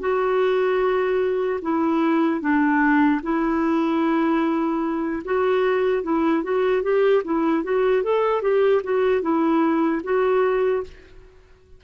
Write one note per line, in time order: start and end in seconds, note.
0.00 1.60 F#4
1.62 2.41 E4
2.41 3.21 D4
3.23 5.23 E4
5.25 6.03 F#4
6.03 6.43 E4
6.43 6.83 F#4
6.83 7.23 G4
7.25 7.64 E4
7.64 8.03 F#4
8.03 8.42 A4
8.42 8.82 G4
8.84 9.22 F#4
9.22 10.02 E4
10.04 10.84 F#4